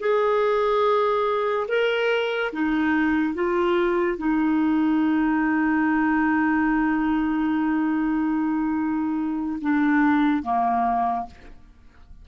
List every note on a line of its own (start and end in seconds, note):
0.00 1.67 G#4
1.68 2.51 A#4
2.52 3.34 D#4
3.34 4.17 F4
4.17 9.59 D#4
9.61 10.42 D4
10.42 11.26 A#3